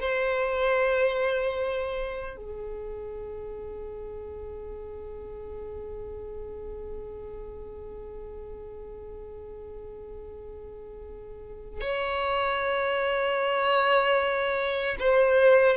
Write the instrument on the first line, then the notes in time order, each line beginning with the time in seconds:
violin
0.00 C5
2.36 G#4
11.81 C#5
15.00 C5